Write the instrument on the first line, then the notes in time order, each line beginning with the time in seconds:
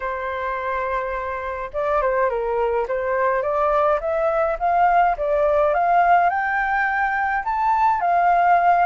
flute
0.00 C5
1.73 D5
2.01 C5
2.29 A#4
2.88 C5
3.42 D5
4.00 E5
4.59 F5
5.17 D5
5.74 F5
6.29 G5
7.44 A5
8.00 F5